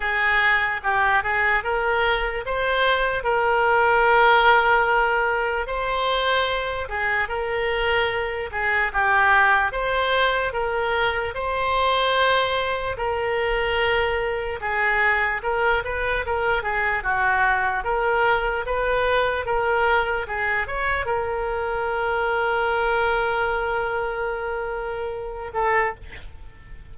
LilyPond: \new Staff \with { instrumentName = "oboe" } { \time 4/4 \tempo 4 = 74 gis'4 g'8 gis'8 ais'4 c''4 | ais'2. c''4~ | c''8 gis'8 ais'4. gis'8 g'4 | c''4 ais'4 c''2 |
ais'2 gis'4 ais'8 b'8 | ais'8 gis'8 fis'4 ais'4 b'4 | ais'4 gis'8 cis''8 ais'2~ | ais'2.~ ais'8 a'8 | }